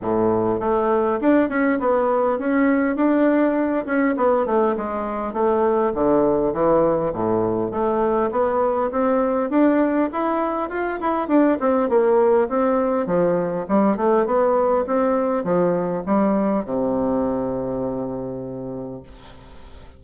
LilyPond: \new Staff \with { instrumentName = "bassoon" } { \time 4/4 \tempo 4 = 101 a,4 a4 d'8 cis'8 b4 | cis'4 d'4. cis'8 b8 a8 | gis4 a4 d4 e4 | a,4 a4 b4 c'4 |
d'4 e'4 f'8 e'8 d'8 c'8 | ais4 c'4 f4 g8 a8 | b4 c'4 f4 g4 | c1 | }